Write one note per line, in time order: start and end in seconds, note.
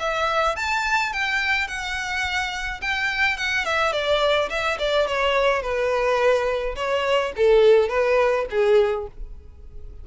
0.00 0.57 E5
0.57 1.13 A5
1.13 1.68 G5
1.68 2.81 F#5
2.81 3.38 G5
3.38 3.66 F#5
3.66 3.93 E5
3.93 4.49 D5
4.50 4.78 E5
4.79 5.07 D5
5.08 5.62 C#5
5.62 6.76 B4
6.76 7.33 C#5
7.37 7.89 A4
7.89 8.46 B4
8.51 9.07 G#4